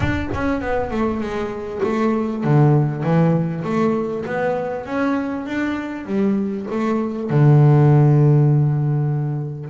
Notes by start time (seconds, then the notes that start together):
0.00 D4
0.33 C#4
0.61 B3
0.91 A3
1.20 G#3
1.83 A3
2.44 D3
3.03 E3
3.64 A3
4.25 B3
4.85 C#4
5.45 D4
6.05 G3
6.71 A3
7.30 D3